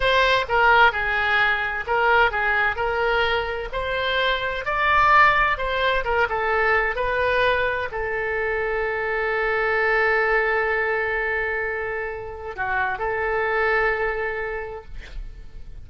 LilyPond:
\new Staff \with { instrumentName = "oboe" } { \time 4/4 \tempo 4 = 129 c''4 ais'4 gis'2 | ais'4 gis'4 ais'2 | c''2 d''2 | c''4 ais'8 a'4. b'4~ |
b'4 a'2.~ | a'1~ | a'2. fis'4 | a'1 | }